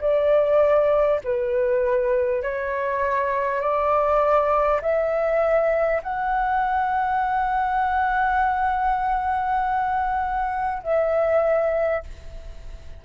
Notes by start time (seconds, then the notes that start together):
0.00 D5
1.24 B4
2.42 C#5
3.61 D5
4.81 E5
6.03 F#5
10.83 E5